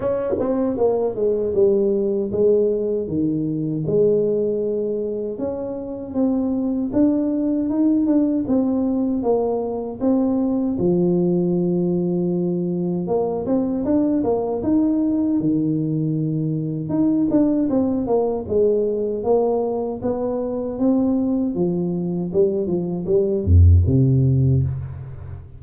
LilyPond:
\new Staff \with { instrumentName = "tuba" } { \time 4/4 \tempo 4 = 78 cis'8 c'8 ais8 gis8 g4 gis4 | dis4 gis2 cis'4 | c'4 d'4 dis'8 d'8 c'4 | ais4 c'4 f2~ |
f4 ais8 c'8 d'8 ais8 dis'4 | dis2 dis'8 d'8 c'8 ais8 | gis4 ais4 b4 c'4 | f4 g8 f8 g8 f,8 c4 | }